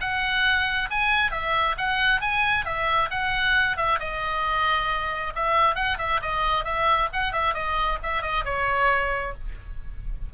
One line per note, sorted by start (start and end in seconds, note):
0.00 0.89 F#5
0.90 1.31 G#5
1.31 1.75 E5
1.77 2.20 F#5
2.20 2.65 G#5
2.65 3.09 E5
3.10 3.77 F#5
3.77 3.99 E5
3.99 5.33 D#5
5.35 5.75 E5
5.75 5.97 F#5
5.98 6.20 E5
6.22 6.64 D#5
6.64 7.08 E5
7.13 7.32 F#5
7.32 7.54 E5
7.54 7.98 D#5
8.03 8.22 E5
8.22 8.44 D#5
8.44 9.33 C#5